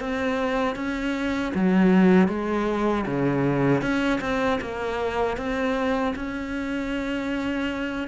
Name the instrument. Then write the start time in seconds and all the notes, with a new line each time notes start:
cello
0.00 C4
0.76 C#4
1.54 F#3
2.28 G#3
3.06 C#3
3.81 C#4
4.21 C4
4.61 A#3
5.37 C4
6.15 C#4